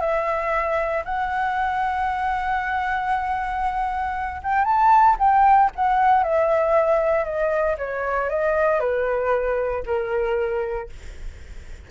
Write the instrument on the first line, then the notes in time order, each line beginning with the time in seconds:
flute
0.00 E5
1.05 F#5
4.43 G5
4.64 A5
5.19 G5
5.75 F#5
6.23 E5
7.25 D#5
7.78 C#5
8.29 D#5
8.80 B4
9.86 A#4